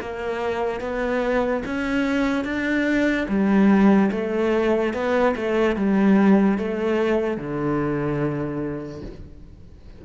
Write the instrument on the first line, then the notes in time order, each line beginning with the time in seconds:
cello
0.00 A#3
0.80 B3
1.65 C#4
2.44 D4
3.28 G3
4.11 A3
4.93 B3
5.35 A3
5.76 G3
6.58 A3
7.37 D3